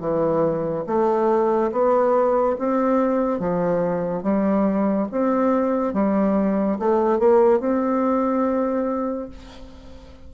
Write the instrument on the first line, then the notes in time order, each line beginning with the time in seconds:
bassoon
0.00 E3
0.87 A3
1.72 B3
2.59 C4
3.40 F3
4.23 G3
5.12 C4
5.94 G3
6.80 A3
7.19 A#3
7.60 C4